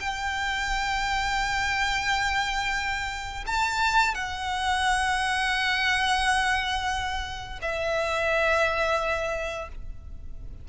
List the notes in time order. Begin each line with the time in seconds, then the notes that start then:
0.00 G5
3.47 A5
4.15 F#5
7.62 E5